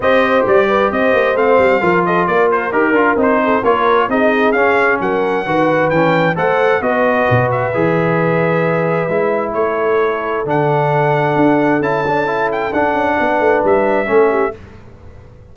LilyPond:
<<
  \new Staff \with { instrumentName = "trumpet" } { \time 4/4 \tempo 4 = 132 dis''4 d''4 dis''4 f''4~ | f''8 dis''8 d''8 c''8 ais'4 c''4 | cis''4 dis''4 f''4 fis''4~ | fis''4 g''4 fis''4 dis''4~ |
dis''8 e''2.~ e''8~ | e''4 cis''2 fis''4~ | fis''2 a''4. g''8 | fis''2 e''2 | }
  \new Staff \with { instrumentName = "horn" } { \time 4/4 c''4. b'8 c''2 | ais'8 a'8 ais'2~ ais'8 a'8 | ais'4 gis'2 ais'4 | b'2 c''4 b'4~ |
b'1~ | b'4 a'2.~ | a'1~ | a'4 b'2 a'8 g'8 | }
  \new Staff \with { instrumentName = "trombone" } { \time 4/4 g'2. c'4 | f'2 g'8 f'8 dis'4 | f'4 dis'4 cis'2 | fis'4 cis'4 a'4 fis'4~ |
fis'4 gis'2. | e'2. d'4~ | d'2 e'8 d'8 e'4 | d'2. cis'4 | }
  \new Staff \with { instrumentName = "tuba" } { \time 4/4 c'4 g4 c'8 ais8 a8 g8 | f4 ais4 dis'8 d'8 c'4 | ais4 c'4 cis'4 fis4 | dis4 e4 a4 b4 |
b,4 e2. | gis4 a2 d4~ | d4 d'4 cis'2 | d'8 cis'8 b8 a8 g4 a4 | }
>>